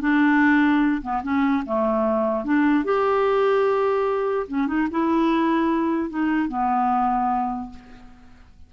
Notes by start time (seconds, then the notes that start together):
0.00 D4
1.02 B3
1.23 C#4
1.65 A3
2.44 D4
2.84 G4
4.47 C#4
4.67 D#4
4.90 E4
6.09 D#4
6.48 B3